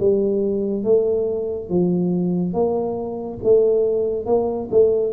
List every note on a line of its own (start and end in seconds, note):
0.00 0.84 G3
0.84 1.70 A3
1.70 2.54 F3
2.54 3.39 A#3
3.44 4.26 A3
4.26 4.69 A#3
4.71 5.14 A3